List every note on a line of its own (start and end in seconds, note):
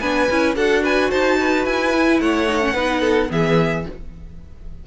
0.00 0.29 B3
0.00 0.29 D4
0.00 0.56 B4
0.00 0.55 G#5
0.31 0.56 C#4
0.31 0.56 E4
0.56 1.11 D4
0.56 1.94 F#4
0.56 0.84 A4
0.56 0.84 F#5
0.84 1.11 B4
0.84 1.11 G#5
1.11 1.66 D#4
1.11 1.38 C5
1.11 1.66 A5
1.40 2.22 B4
1.66 2.21 E4
1.66 2.21 G#5
1.94 2.48 E4
2.21 2.74 A3
2.21 2.74 C#5
2.21 3.32 F#5
2.48 2.62 D#4
2.62 2.75 C#4
2.74 3.29 B3
2.74 3.29 D#4
2.74 3.01 B4
3.01 3.28 A4
3.29 3.86 E3
3.29 3.85 B3
3.29 3.87 G#4
3.29 3.87 E5